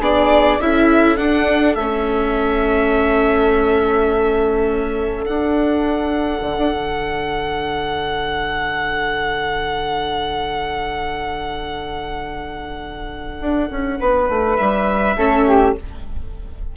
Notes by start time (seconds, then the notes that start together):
0.00 B3 D4 G#4 D5
0.59 C#4 E4 A4 E5
1.17 D4 F#5
1.75 A3 C#4 E5
5.25 D4 F#5
6.41 D3
6.58 D4
6.73 D3
13.40 D4
13.70 C#4
13.99 B3 B4
14.29 A3
14.56 G3 E5
15.16 A3 C#4 A4
15.47 G4